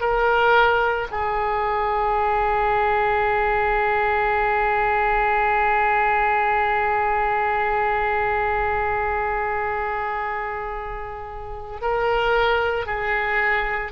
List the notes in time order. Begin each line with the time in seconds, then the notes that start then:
0.00 A#4
1.11 G#4
11.81 A#4
12.86 G#4